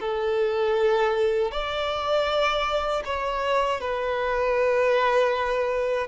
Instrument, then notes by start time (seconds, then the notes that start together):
violin
0.00 A4
1.51 D5
3.04 C#5
3.80 B4